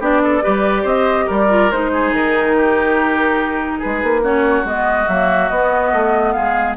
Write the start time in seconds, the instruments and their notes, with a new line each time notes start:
0.00 bassoon B3, clarinet D4, oboe G4, flute D5
0.24 oboe A4
0.43 bassoon G3, clarinet G4, oboe B4
0.83 bassoon C4, oboe C5, flute D#5
1.27 bassoon G3, oboe A#4, flute D5
1.49 clarinet F4
1.72 bassoon G#3, clarinet D#4, flute C5
1.93 oboe G#4
2.12 bassoon D#3, flute A#4
2.57 oboe G4
3.79 oboe G#4, flute B4
3.85 bassoon G#3
4.03 bassoon A#3
4.23 clarinet C#4, oboe F#4, flute C#5
4.65 bassoon G#3, clarinet B3, flute D#5
5.09 bassoon F#3, clarinet A#3, flute E5
5.49 bassoon B3, clarinet B3, flute D#5
5.93 bassoon A3
6.33 bassoon G#3, oboe G#4, flute F5